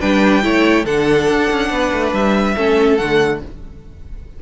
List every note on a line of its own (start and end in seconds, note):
0.00 0.44 G3
0.00 0.42 D4
0.00 0.43 B4
0.00 0.85 G5
0.42 0.85 A3
0.42 0.85 E4
0.42 0.85 C#5
0.85 1.27 D3
0.85 2.55 D4
0.85 1.70 A4
0.85 2.13 F#5
1.29 1.50 D4
1.51 1.70 C#4
1.70 1.91 B3
1.70 2.55 B4
1.92 2.13 A3
2.13 2.55 G3
2.13 2.97 E5
2.55 3.00 A3
2.55 2.98 C#4
2.55 3.40 A4
2.97 3.42 D3
2.97 3.41 A3
2.97 3.39 F#5